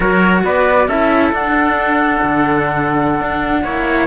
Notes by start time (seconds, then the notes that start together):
0.00 F#3 F#4 A#4 C#5
0.44 B3 B4 D5
0.87 C#4 E4 A4 E5
1.32 D4 F#5
2.23 D3
3.21 D4
3.63 A#3 E4 C#5